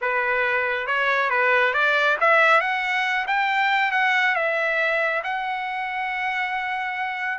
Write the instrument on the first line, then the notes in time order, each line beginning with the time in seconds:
trumpet
0.01 B4
0.87 C#5
1.30 B4
1.73 D5
2.20 E5
2.60 F#5
3.27 G5
3.91 F#5
4.35 E5
5.23 F#5